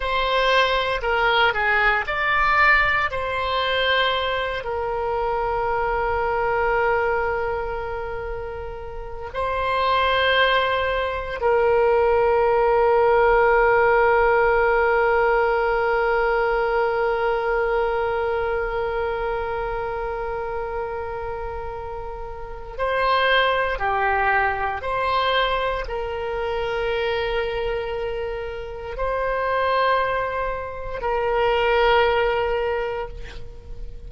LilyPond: \new Staff \with { instrumentName = "oboe" } { \time 4/4 \tempo 4 = 58 c''4 ais'8 gis'8 d''4 c''4~ | c''8 ais'2.~ ais'8~ | ais'4 c''2 ais'4~ | ais'1~ |
ais'1~ | ais'2 c''4 g'4 | c''4 ais'2. | c''2 ais'2 | }